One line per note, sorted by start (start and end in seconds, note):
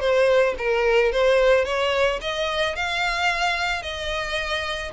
0.00 0.55 C5
0.58 1.12 A#4
1.12 1.65 C5
1.65 2.19 C#5
2.21 2.75 D#5
2.75 3.82 F5
3.82 4.91 D#5